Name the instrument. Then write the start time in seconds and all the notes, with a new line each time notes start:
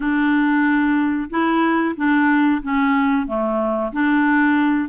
clarinet
0.00 D4
1.30 E4
1.96 D4
2.62 C#4
3.26 A3
3.92 D4